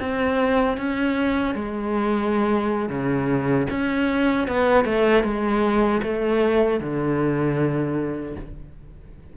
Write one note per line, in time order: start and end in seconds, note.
0.00 0.78 C4
0.78 1.55 C#4
1.55 2.90 G#3
2.90 3.68 C#3
3.70 4.48 C#4
4.48 4.85 B3
4.85 5.24 A3
5.24 6.02 G#3
6.03 6.80 A3
6.80 8.36 D3